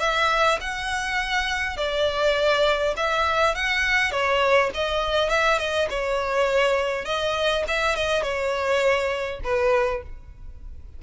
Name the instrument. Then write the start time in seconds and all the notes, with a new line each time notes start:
violin
0.00 E5
0.61 F#5
1.77 D5
2.97 E5
3.55 F#5
4.12 C#5
4.74 D#5
5.30 E5
5.59 D#5
5.90 C#5
7.06 D#5
7.68 E5
7.96 D#5
8.23 C#5
9.44 B4